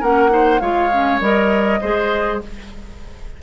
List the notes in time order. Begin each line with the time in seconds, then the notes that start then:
0.00 A#3 C#4 A#4 F#5
0.29 D#4 C5
0.60 G#3 F4 C#5 F5
0.91 C#4
1.20 G3 A#4 D#5
1.81 G#3 G#4 C5